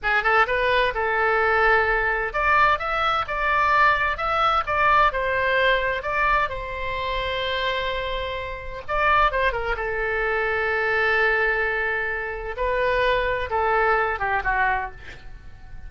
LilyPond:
\new Staff \with { instrumentName = "oboe" } { \time 4/4 \tempo 4 = 129 gis'8 a'8 b'4 a'2~ | a'4 d''4 e''4 d''4~ | d''4 e''4 d''4 c''4~ | c''4 d''4 c''2~ |
c''2. d''4 | c''8 ais'8 a'2.~ | a'2. b'4~ | b'4 a'4. g'8 fis'4 | }